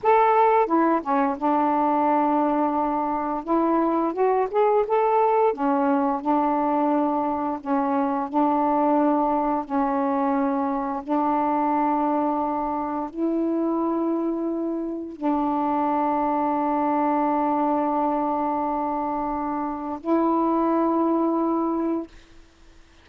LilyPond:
\new Staff \with { instrumentName = "saxophone" } { \time 4/4 \tempo 4 = 87 a'4 e'8 cis'8 d'2~ | d'4 e'4 fis'8 gis'8 a'4 | cis'4 d'2 cis'4 | d'2 cis'2 |
d'2. e'4~ | e'2 d'2~ | d'1~ | d'4 e'2. | }